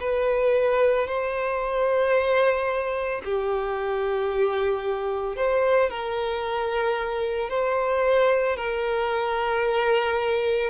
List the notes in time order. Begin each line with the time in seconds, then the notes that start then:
0.00 B4
1.07 C5
3.24 G4
5.36 C5
5.89 A#4
7.49 C5
8.56 A#4